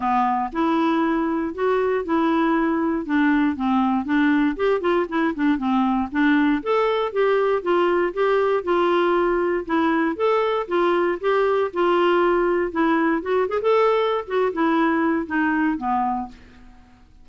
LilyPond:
\new Staff \with { instrumentName = "clarinet" } { \time 4/4 \tempo 4 = 118 b4 e'2 fis'4 | e'2 d'4 c'4 | d'4 g'8 f'8 e'8 d'8 c'4 | d'4 a'4 g'4 f'4 |
g'4 f'2 e'4 | a'4 f'4 g'4 f'4~ | f'4 e'4 fis'8 gis'16 a'4~ a'16 | fis'8 e'4. dis'4 b4 | }